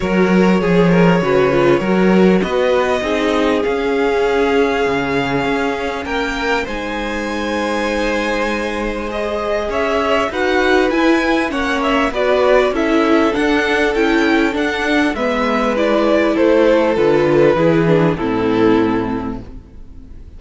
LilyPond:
<<
  \new Staff \with { instrumentName = "violin" } { \time 4/4 \tempo 4 = 99 cis''1 | dis''2 f''2~ | f''2 g''4 gis''4~ | gis''2. dis''4 |
e''4 fis''4 gis''4 fis''8 e''8 | d''4 e''4 fis''4 g''4 | fis''4 e''4 d''4 c''4 | b'2 a'2 | }
  \new Staff \with { instrumentName = "violin" } { \time 4/4 ais'4 gis'8 ais'8 b'4 ais'4 | b'4 gis'2.~ | gis'2 ais'4 c''4~ | c''1 |
cis''4 b'2 cis''4 | b'4 a'2.~ | a'4 b'2 a'4~ | a'4 gis'4 e'2 | }
  \new Staff \with { instrumentName = "viola" } { \time 4/4 fis'4 gis'4 fis'8 f'8 fis'4~ | fis'4 dis'4 cis'2~ | cis'2. dis'4~ | dis'2. gis'4~ |
gis'4 fis'4 e'4 cis'4 | fis'4 e'4 d'4 e'4 | d'4 b4 e'2 | f'4 e'8 d'8 c'2 | }
  \new Staff \with { instrumentName = "cello" } { \time 4/4 fis4 f4 cis4 fis4 | b4 c'4 cis'2 | cis4 cis'4 ais4 gis4~ | gis1 |
cis'4 dis'4 e'4 ais4 | b4 cis'4 d'4 cis'4 | d'4 gis2 a4 | d4 e4 a,2 | }
>>